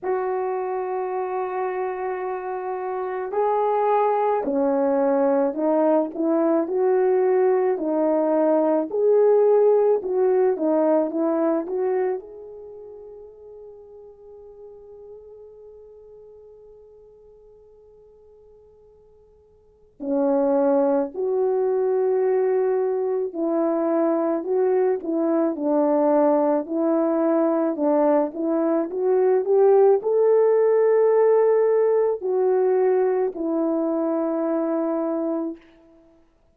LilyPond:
\new Staff \with { instrumentName = "horn" } { \time 4/4 \tempo 4 = 54 fis'2. gis'4 | cis'4 dis'8 e'8 fis'4 dis'4 | gis'4 fis'8 dis'8 e'8 fis'8 gis'4~ | gis'1~ |
gis'2 cis'4 fis'4~ | fis'4 e'4 fis'8 e'8 d'4 | e'4 d'8 e'8 fis'8 g'8 a'4~ | a'4 fis'4 e'2 | }